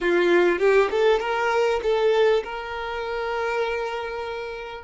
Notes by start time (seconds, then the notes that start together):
0.00 F4
0.59 G4
0.90 A4
1.19 A#4
1.82 A4
2.44 A#4